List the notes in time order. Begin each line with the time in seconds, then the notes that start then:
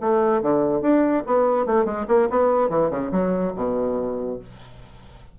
0.00 A3
0.41 D3
0.81 D4
1.26 B3
1.66 A3
1.85 G#3
2.08 A#3
2.30 B3
2.69 E3
2.90 C#3
3.11 F#3
3.55 B2